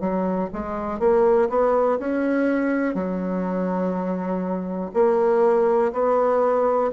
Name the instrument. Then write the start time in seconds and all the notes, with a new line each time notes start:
bassoon
0.00 F#3
0.53 G#3
1.00 A#3
1.50 B3
1.99 C#4
2.95 F#3
4.94 A#3
5.93 B3